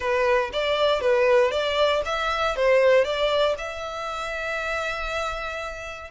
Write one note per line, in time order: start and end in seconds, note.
0.00 0.50 B4
0.52 1.01 D5
1.01 1.51 B4
1.51 2.02 D5
2.05 2.55 E5
2.55 3.04 C5
3.04 3.55 D5
3.58 6.10 E5